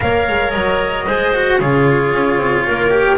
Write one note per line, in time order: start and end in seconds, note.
0.00 0.28 A#3
0.00 1.06 A#4
0.00 1.06 C#5
0.00 0.50 F5
0.28 0.54 G#3
0.50 1.07 F#3
0.50 1.56 D#5
1.06 1.60 G#3
1.06 1.34 G#4
1.06 1.59 C5
1.34 1.60 F#4
1.58 2.12 C#3
1.58 2.90 F4
1.58 2.65 G#4
1.58 3.17 C#5
2.12 2.37 C#4
2.37 2.63 C4
2.66 3.17 A#3
2.66 3.17 A#4
2.90 3.17 G4